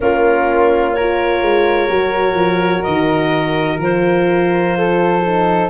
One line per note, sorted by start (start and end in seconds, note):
0.00 1.41 A#3
0.00 0.95 C#4
0.00 0.96 F4
0.00 0.92 A#4
0.92 4.77 A#4
0.92 2.83 C#5
0.99 1.90 F4
1.41 1.88 G#3
1.90 2.34 F#3
1.90 3.80 F#4
2.34 2.81 F3
2.83 3.78 D#3
2.83 3.78 D#5
3.78 5.68 F3
3.78 5.24 F4
3.78 5.69 C5
4.77 5.69 A4
5.24 5.69 D#4